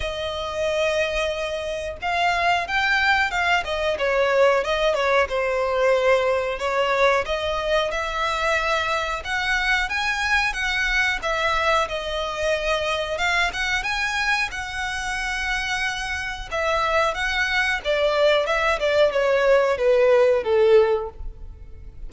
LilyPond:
\new Staff \with { instrumentName = "violin" } { \time 4/4 \tempo 4 = 91 dis''2. f''4 | g''4 f''8 dis''8 cis''4 dis''8 cis''8 | c''2 cis''4 dis''4 | e''2 fis''4 gis''4 |
fis''4 e''4 dis''2 | f''8 fis''8 gis''4 fis''2~ | fis''4 e''4 fis''4 d''4 | e''8 d''8 cis''4 b'4 a'4 | }